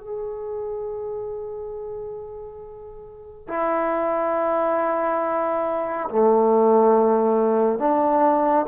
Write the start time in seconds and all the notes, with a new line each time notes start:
0.00 G#4
3.48 E4
6.10 A3
7.79 D4